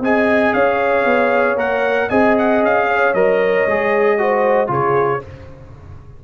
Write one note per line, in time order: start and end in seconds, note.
0.00 0.52 C4
0.00 1.57 G#4
0.00 0.54 D#5
0.00 0.53 G#5
0.53 1.05 C#4
0.53 2.09 C#5
0.53 1.57 F5
1.05 1.55 B3
1.55 2.07 A#3
1.55 2.09 A#4
1.55 2.09 F#5
2.09 2.62 C4
2.09 3.15 G#4
2.09 2.87 D#5
2.09 2.35 G#5
2.38 2.64 F#5
2.62 3.13 C#4
2.62 3.13 F5
2.87 4.18 C#5
3.13 3.66 F#3
3.13 3.67 A#4
3.13 4.70 D#5
3.66 4.69 G#3
3.66 4.18 G#4
4.18 4.67 F#4
4.18 4.70 C5
4.67 5.21 C#3
4.67 5.19 F4
4.67 5.22 G#4
4.67 5.24 C#5